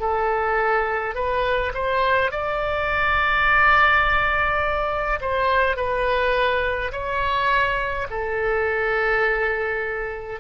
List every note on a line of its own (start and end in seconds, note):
0.00 1.15 A4
1.15 1.73 B4
1.74 2.31 C5
2.31 5.20 D5
5.21 5.76 C5
5.76 6.92 B4
6.92 8.07 C#5
8.10 10.40 A4